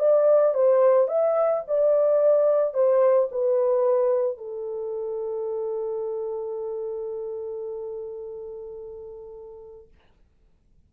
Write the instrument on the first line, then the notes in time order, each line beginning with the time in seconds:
horn
0.00 D5
0.55 C5
1.08 E5
1.68 D5
2.74 C5
3.32 B4
4.38 A4